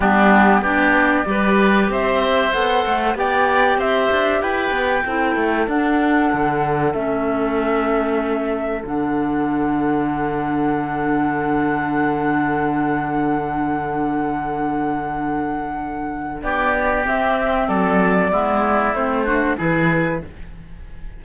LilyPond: <<
  \new Staff \with { instrumentName = "flute" } { \time 4/4 \tempo 4 = 95 g'4 d''2 e''4 | fis''4 g''4 e''4 g''4~ | g''4 fis''2 e''4~ | e''2 fis''2~ |
fis''1~ | fis''1~ | fis''2 d''4 e''4 | d''2 c''4 b'4 | }
  \new Staff \with { instrumentName = "oboe" } { \time 4/4 d'4 g'4 b'4 c''4~ | c''4 d''4 c''4 b'4 | a'1~ | a'1~ |
a'1~ | a'1~ | a'2 g'2 | a'4 e'4. fis'8 gis'4 | }
  \new Staff \with { instrumentName = "clarinet" } { \time 4/4 b4 d'4 g'2 | a'4 g'2. | e'4 d'2 cis'4~ | cis'2 d'2~ |
d'1~ | d'1~ | d'2. c'4~ | c'4 b4 c'8 d'8 e'4 | }
  \new Staff \with { instrumentName = "cello" } { \time 4/4 g4 b4 g4 c'4 | b8 a8 b4 c'8 d'8 e'8 b8 | c'8 a8 d'4 d4 a4~ | a2 d2~ |
d1~ | d1~ | d2 b4 c'4 | fis4 gis4 a4 e4 | }
>>